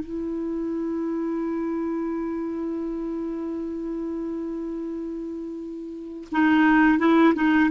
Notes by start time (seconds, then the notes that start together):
0.00 E4
6.32 D#4
6.99 E4
7.35 D#4